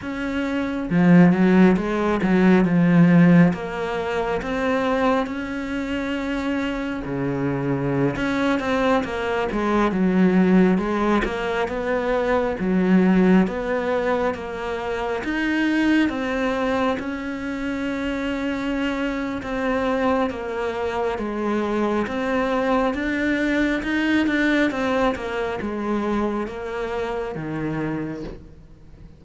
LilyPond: \new Staff \with { instrumentName = "cello" } { \time 4/4 \tempo 4 = 68 cis'4 f8 fis8 gis8 fis8 f4 | ais4 c'4 cis'2 | cis4~ cis16 cis'8 c'8 ais8 gis8 fis8.~ | fis16 gis8 ais8 b4 fis4 b8.~ |
b16 ais4 dis'4 c'4 cis'8.~ | cis'2 c'4 ais4 | gis4 c'4 d'4 dis'8 d'8 | c'8 ais8 gis4 ais4 dis4 | }